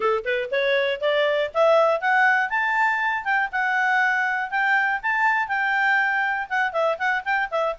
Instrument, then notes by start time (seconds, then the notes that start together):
clarinet
0.00 A4
0.25 B4
0.51 C#5
1.00 D5
1.54 E5
2.00 F#5
2.49 A5
3.24 G5
3.52 F#5
4.50 G5
5.02 A5
5.47 G5
6.49 F#5
6.72 E5
6.98 F#5
7.24 G5
7.50 E5